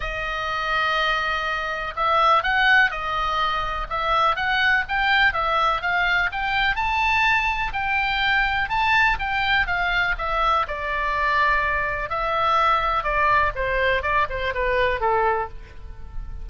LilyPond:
\new Staff \with { instrumentName = "oboe" } { \time 4/4 \tempo 4 = 124 dis''1 | e''4 fis''4 dis''2 | e''4 fis''4 g''4 e''4 | f''4 g''4 a''2 |
g''2 a''4 g''4 | f''4 e''4 d''2~ | d''4 e''2 d''4 | c''4 d''8 c''8 b'4 a'4 | }